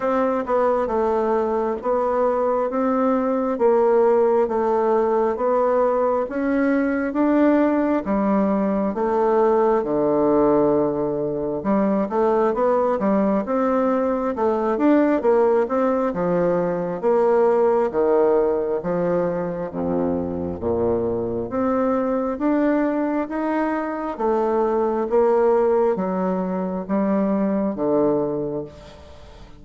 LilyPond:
\new Staff \with { instrumentName = "bassoon" } { \time 4/4 \tempo 4 = 67 c'8 b8 a4 b4 c'4 | ais4 a4 b4 cis'4 | d'4 g4 a4 d4~ | d4 g8 a8 b8 g8 c'4 |
a8 d'8 ais8 c'8 f4 ais4 | dis4 f4 f,4 ais,4 | c'4 d'4 dis'4 a4 | ais4 fis4 g4 d4 | }